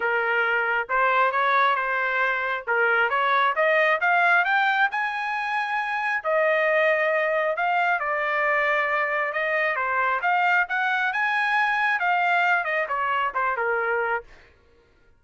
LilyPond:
\new Staff \with { instrumentName = "trumpet" } { \time 4/4 \tempo 4 = 135 ais'2 c''4 cis''4 | c''2 ais'4 cis''4 | dis''4 f''4 g''4 gis''4~ | gis''2 dis''2~ |
dis''4 f''4 d''2~ | d''4 dis''4 c''4 f''4 | fis''4 gis''2 f''4~ | f''8 dis''8 cis''4 c''8 ais'4. | }